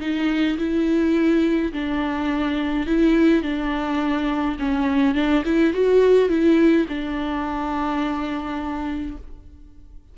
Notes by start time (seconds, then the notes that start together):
0.00 D#4
0.58 E4
1.72 D4
2.86 E4
3.43 D4
4.59 C#4
5.15 D4
5.45 E4
5.73 F#4
6.29 E4
6.89 D4